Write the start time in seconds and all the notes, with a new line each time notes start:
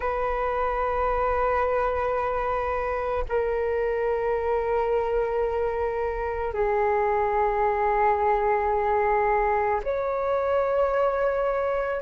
0.00 B4
3.28 A#4
6.53 G#4
9.83 C#5